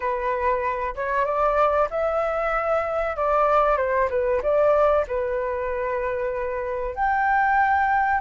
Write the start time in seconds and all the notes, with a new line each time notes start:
0.00 B4
0.95 C#5
1.25 D5
1.90 E5
3.16 D5
3.77 C5
4.10 B4
4.42 D5
5.07 B4
6.95 G5